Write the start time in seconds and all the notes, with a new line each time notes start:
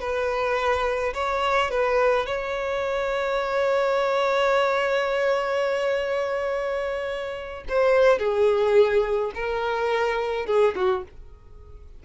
0.00 B4
1.14 C#5
1.70 B4
2.26 C#5
7.69 C5
8.19 G#4
9.34 A#4
10.46 G#4
10.75 F#4